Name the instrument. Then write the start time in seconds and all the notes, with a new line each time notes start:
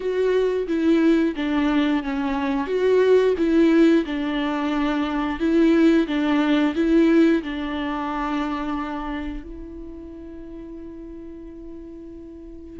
viola
0.00 F#4
0.67 E4
1.35 D4
2.03 C#4
2.67 F#4
3.37 E4
4.05 D4
5.39 E4
6.07 D4
6.75 E4
7.42 D4
9.43 E4